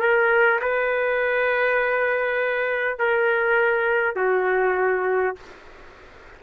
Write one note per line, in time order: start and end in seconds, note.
0.00 0.60 A#4
0.62 2.99 B4
2.99 4.16 A#4
4.16 5.36 F#4